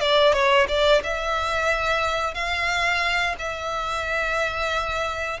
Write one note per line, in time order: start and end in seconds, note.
0.00 0.33 D5
0.33 0.66 C#5
0.68 1.01 D5
1.03 2.34 E5
2.34 3.35 F5
3.38 5.40 E5